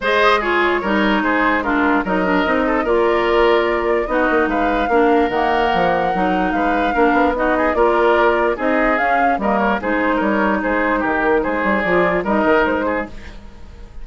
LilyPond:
<<
  \new Staff \with { instrumentName = "flute" } { \time 4/4 \tempo 4 = 147 dis''4 cis''2 c''4 | ais'4 dis''2 d''4~ | d''2 dis''4 f''4~ | f''4 fis''2. |
f''2 dis''4 d''4~ | d''4 dis''4 f''4 dis''8 cis''8 | c''4 cis''4 c''4 ais'4 | c''4 d''4 dis''4 c''4 | }
  \new Staff \with { instrumentName = "oboe" } { \time 4/4 c''4 gis'4 ais'4 gis'4 | f'4 ais'4. a'8 ais'4~ | ais'2 fis'4 b'4 | ais'1 |
b'4 ais'4 fis'8 gis'8 ais'4~ | ais'4 gis'2 ais'4 | gis'4 ais'4 gis'4 g'4 | gis'2 ais'4. gis'8 | }
  \new Staff \with { instrumentName = "clarinet" } { \time 4/4 gis'4 f'4 dis'2 | d'4 dis'8 d'8 dis'4 f'4~ | f'2 dis'2 | d'4 ais2 dis'4~ |
dis'4 d'4 dis'4 f'4~ | f'4 dis'4 cis'4 ais4 | dis'1~ | dis'4 f'4 dis'2 | }
  \new Staff \with { instrumentName = "bassoon" } { \time 4/4 gis2 g4 gis4~ | gis4 fis4 c'4 ais4~ | ais2 b8 ais8 gis4 | ais4 dis4 f4 fis4 |
gis4 ais8 b4. ais4~ | ais4 c'4 cis'4 g4 | gis4 g4 gis4 dis4 | gis8 g8 f4 g8 dis8 gis4 | }
>>